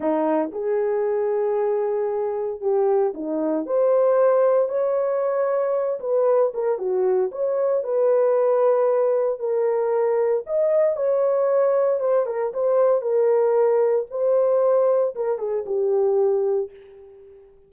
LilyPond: \new Staff \with { instrumentName = "horn" } { \time 4/4 \tempo 4 = 115 dis'4 gis'2.~ | gis'4 g'4 dis'4 c''4~ | c''4 cis''2~ cis''8 b'8~ | b'8 ais'8 fis'4 cis''4 b'4~ |
b'2 ais'2 | dis''4 cis''2 c''8 ais'8 | c''4 ais'2 c''4~ | c''4 ais'8 gis'8 g'2 | }